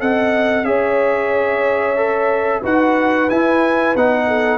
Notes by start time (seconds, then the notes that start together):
0.00 C4 A4 D#5 F#5
0.63 C#4 G#4 C#5 E5
1.97 A4
2.61 D#4 F#4 B4 F#5
3.30 E4 G#5
3.96 B3 D#4 F#5
4.28 A4